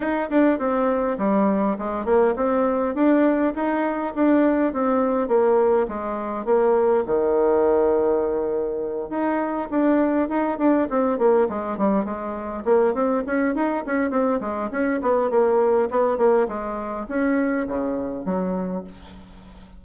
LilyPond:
\new Staff \with { instrumentName = "bassoon" } { \time 4/4 \tempo 4 = 102 dis'8 d'8 c'4 g4 gis8 ais8 | c'4 d'4 dis'4 d'4 | c'4 ais4 gis4 ais4 | dis2.~ dis8 dis'8~ |
dis'8 d'4 dis'8 d'8 c'8 ais8 gis8 | g8 gis4 ais8 c'8 cis'8 dis'8 cis'8 | c'8 gis8 cis'8 b8 ais4 b8 ais8 | gis4 cis'4 cis4 fis4 | }